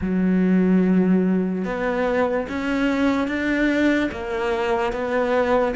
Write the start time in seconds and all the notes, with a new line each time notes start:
0.01 F#3
1.64 B3
2.48 C#4
3.27 D4
4.11 A#3
4.92 B3